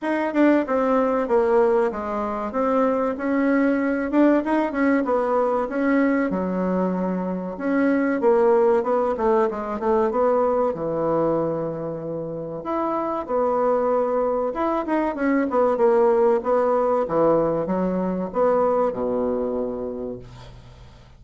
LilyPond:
\new Staff \with { instrumentName = "bassoon" } { \time 4/4 \tempo 4 = 95 dis'8 d'8 c'4 ais4 gis4 | c'4 cis'4. d'8 dis'8 cis'8 | b4 cis'4 fis2 | cis'4 ais4 b8 a8 gis8 a8 |
b4 e2. | e'4 b2 e'8 dis'8 | cis'8 b8 ais4 b4 e4 | fis4 b4 b,2 | }